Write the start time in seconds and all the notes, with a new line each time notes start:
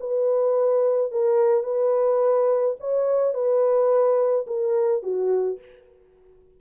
0.00 B4
1.12 A#4
1.64 B4
2.80 C#5
3.34 B4
4.47 A#4
5.03 F#4